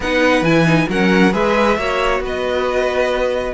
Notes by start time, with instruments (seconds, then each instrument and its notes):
0.00 cello B3, viola D#4, violin B4 F#5
0.41 cello E3, viola E4, violin G#5
0.65 viola D#4
0.89 cello F#3, viola C#4, violin A#4 F#5
1.32 cello G#3, viola G#4, violin B4 E5
1.77 cello A#3, viola F#4, violin C#5
2.19 cello B3, violin B4
2.26 violin D#5